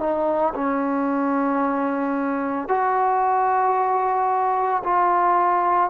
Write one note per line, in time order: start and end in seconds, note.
0.00 0.54 D#4
0.55 2.68 C#4
2.68 4.83 F#4
4.84 5.90 F4